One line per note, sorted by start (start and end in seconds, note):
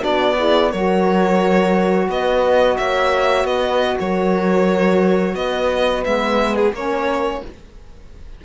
0.00 0.73 B3
0.00 0.34 D4
0.00 0.35 F#4
0.00 0.71 D5
0.36 0.70 E4
0.36 0.70 G#4
0.70 2.08 F#3
0.70 6.04 F#4
0.70 2.08 A#4
0.70 2.09 C#5
2.08 2.77 B3
2.08 2.77 B4
2.08 2.77 D#5
2.77 3.44 A#3
2.77 3.46 C#5
2.77 3.46 E5
3.44 3.96 B3
3.44 3.98 B4
3.44 3.97 D#5
3.98 5.35 F#3
3.98 5.36 A#4
3.98 5.35 C#5
5.35 6.04 B3
5.35 6.74 B4
5.35 6.04 D#5
6.04 6.72 G#3
6.04 6.73 B3
6.04 6.55 E5
6.55 6.73 G#4
6.72 7.41 A#3
6.72 7.44 C#4
6.72 7.43 A#4
6.72 7.44 C#5